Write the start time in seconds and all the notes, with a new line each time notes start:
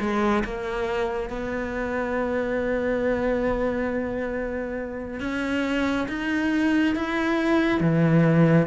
0.00 G#3
0.44 A#3
1.29 B3
5.20 C#4
6.08 D#4
6.96 E4
7.80 E3